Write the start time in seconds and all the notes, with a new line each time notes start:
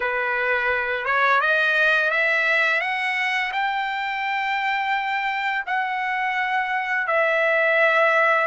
0.00 B4
1.05 C#5
1.41 D#5
2.10 E5
2.80 F#5
3.52 G5
5.66 F#5
7.07 E5